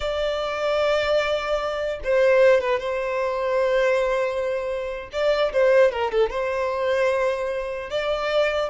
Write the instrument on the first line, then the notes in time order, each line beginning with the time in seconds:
violin
0.00 D5
2.03 C5
2.60 B4
2.79 C5
5.12 D5
5.52 C5
5.91 A#4
6.11 A4
6.29 C5
7.90 D5